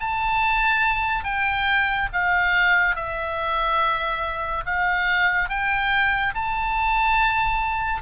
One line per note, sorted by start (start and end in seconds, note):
0.00 1.24 A5
1.24 2.09 G5
2.13 2.95 F5
2.95 4.64 E5
4.66 5.49 F5
5.49 6.34 G5
6.34 8.02 A5